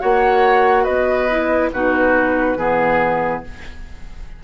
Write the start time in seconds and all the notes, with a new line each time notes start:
0.00 A#3 F#4 C#5 F#5
0.84 B3 B4 D#5
1.30 E4
1.73 B2 D#4 F#4 B4
2.57 E3 B3 G#4